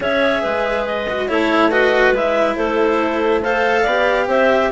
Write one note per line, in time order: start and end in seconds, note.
0.00 0.42 C#4
0.00 1.06 G#4
0.00 0.42 C#5
0.00 0.86 E5
0.42 1.30 G#3
0.42 1.27 B4
0.86 1.28 D#5
1.09 1.28 F#4
1.28 2.12 A3
1.28 1.71 E4
1.28 1.70 A4
1.28 1.71 C#5
1.70 2.14 F#4
1.70 2.56 B4
1.70 2.14 D#5
2.12 2.55 G#3
2.12 3.43 E4
2.12 2.56 E5
2.56 3.85 A3
2.56 3.42 A4
2.56 3.41 C5
3.42 3.87 A4
3.42 3.82 C5
3.42 4.29 F5
3.82 4.27 B3
3.82 4.72 G4
3.82 4.25 D5
4.27 4.69 C4
4.27 4.71 C5
4.27 4.72 E5